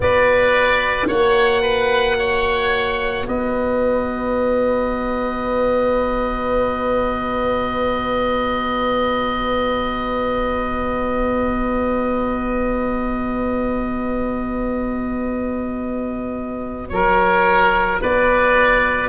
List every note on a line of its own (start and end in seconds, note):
0.00 1.08 B3
0.00 19.08 F#4
0.00 1.07 B4
0.00 1.08 D5
1.07 3.26 A#3
1.07 1.62 C#5
1.07 3.26 F#5
1.62 2.16 B4
2.18 3.27 C#5
3.27 16.90 B3
3.27 16.91 B4
3.27 16.88 D#5
16.88 17.99 F#3
16.88 18.01 A#4
16.88 17.97 C#5
18.01 19.08 B3
18.01 19.08 B4
18.01 19.08 D5